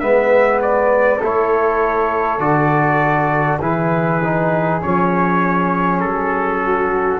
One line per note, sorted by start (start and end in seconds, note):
0.00 1.22 G#3
0.00 1.21 B3
0.00 1.18 B4
0.00 0.60 E5
0.62 1.22 D5
1.18 2.39 A3
1.18 2.40 E4
1.18 3.58 A4
1.25 2.40 C#5
2.39 3.59 D3
2.39 3.60 F#4
2.39 3.60 D5
3.60 4.81 E3
3.60 4.21 E4
3.60 6.60 G#4
3.60 4.82 B4
4.24 4.81 D#4
4.81 6.04 F3
4.81 7.20 C#4
4.81 6.00 C#5
6.00 7.20 F#3
6.00 7.20 A4
6.60 7.20 F#4